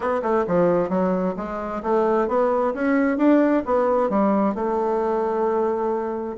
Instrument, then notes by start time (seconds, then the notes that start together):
bassoon
0.00 B3
0.22 A3
0.47 F3
0.89 F#3
1.36 G#3
1.82 A3
2.28 B3
2.74 C#4
3.17 D4
3.65 B3
4.09 G3
4.54 A3